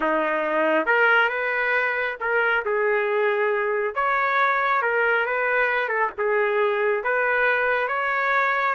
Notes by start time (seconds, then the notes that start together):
0.00 D#4
0.85 A#4
1.29 B4
2.20 A#4
2.65 G#4
3.95 C#5
4.82 A#4
5.26 B4
5.88 A4
6.18 G#4
7.03 B4
7.88 C#5